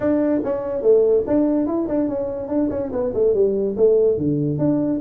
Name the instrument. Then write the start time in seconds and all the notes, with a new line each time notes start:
tuba
0.00 D4
0.43 C#4
0.81 A3
1.26 D4
1.66 E4
1.88 D4
2.08 C#4
2.48 D4
2.70 C#4
2.92 B3
3.14 A3
3.33 G3
3.77 A3
4.17 D3
4.58 D4